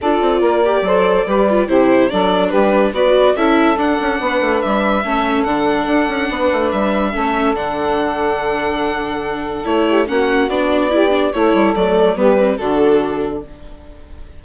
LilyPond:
<<
  \new Staff \with { instrumentName = "violin" } { \time 4/4 \tempo 4 = 143 d''1 | c''4 d''4 b'4 d''4 | e''4 fis''2 e''4~ | e''4 fis''2. |
e''2 fis''2~ | fis''2. cis''4 | fis''4 d''2 cis''4 | d''4 b'4 a'2 | }
  \new Staff \with { instrumentName = "saxophone" } { \time 4/4 a'4 ais'4 c''4 b'4 | g'4 a'4 g'4 b'4 | a'2 b'2 | a'2. b'4~ |
b'4 a'2.~ | a'2.~ a'8 g'8 | fis'2 g'4 a'4~ | a'4 g'4 fis'2 | }
  \new Staff \with { instrumentName = "viola" } { \time 4/4 f'4. g'8 a'4 g'8 f'8 | e'4 d'2 fis'4 | e'4 d'2. | cis'4 d'2.~ |
d'4 cis'4 d'2~ | d'2. e'4 | cis'4 d'4 e'8 d'8 e'4 | a4 b8 c'8 d'2 | }
  \new Staff \with { instrumentName = "bassoon" } { \time 4/4 d'8 c'8 ais4 fis4 g4 | c4 fis4 g4 b4 | cis'4 d'8 cis'8 b8 a8 g4 | a4 d4 d'8 cis'8 b8 a8 |
g4 a4 d2~ | d2. a4 | ais4 b2 a8 g8 | fis4 g4 d2 | }
>>